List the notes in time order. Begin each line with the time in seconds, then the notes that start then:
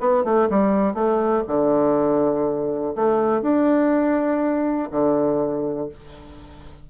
0.00 B3
0.24 A3
0.49 G3
0.94 A3
1.47 D3
2.95 A3
3.41 D4
4.90 D3